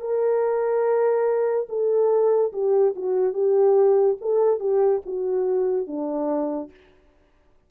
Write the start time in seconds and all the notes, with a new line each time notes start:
0.00 A#4
1.69 A4
2.52 G4
2.95 F#4
3.33 G4
4.20 A4
4.59 G4
5.06 F#4
5.86 D4